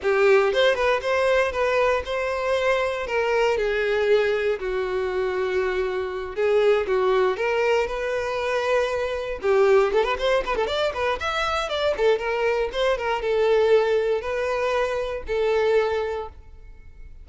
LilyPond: \new Staff \with { instrumentName = "violin" } { \time 4/4 \tempo 4 = 118 g'4 c''8 b'8 c''4 b'4 | c''2 ais'4 gis'4~ | gis'4 fis'2.~ | fis'8 gis'4 fis'4 ais'4 b'8~ |
b'2~ b'8 g'4 a'16 b'16 | c''8 b'16 a'16 d''8 b'8 e''4 d''8 a'8 | ais'4 c''8 ais'8 a'2 | b'2 a'2 | }